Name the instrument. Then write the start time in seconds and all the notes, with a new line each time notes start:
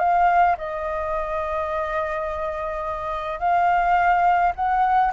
flute
0.00 F5
0.58 D#5
3.40 F5
4.56 F#5